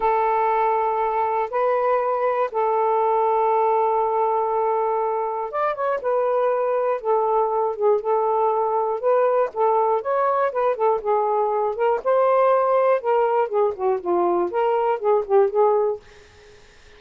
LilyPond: \new Staff \with { instrumentName = "saxophone" } { \time 4/4 \tempo 4 = 120 a'2. b'4~ | b'4 a'2.~ | a'2. d''8 cis''8 | b'2 a'4. gis'8 |
a'2 b'4 a'4 | cis''4 b'8 a'8 gis'4. ais'8 | c''2 ais'4 gis'8 fis'8 | f'4 ais'4 gis'8 g'8 gis'4 | }